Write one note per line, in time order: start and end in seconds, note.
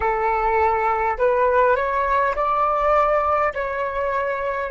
0.00 1.17 A4
1.18 1.76 B4
1.76 2.35 C#5
2.35 3.53 D5
3.53 4.70 C#5